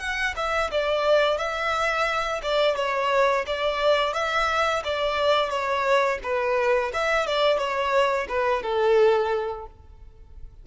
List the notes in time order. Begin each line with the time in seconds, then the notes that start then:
0.00 F#5
0.36 E5
0.71 D5
1.38 E5
2.43 D5
2.76 C#5
3.47 D5
4.14 E5
4.84 D5
5.50 C#5
6.23 B4
6.93 E5
7.27 D5
7.58 C#5
8.29 B4
8.63 A4